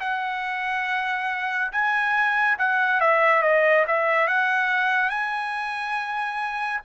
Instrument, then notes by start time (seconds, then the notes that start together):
trumpet
0.00 F#5
1.72 G#5
2.59 F#5
3.00 E5
3.42 D#5
3.87 E5
4.28 F#5
5.10 G#5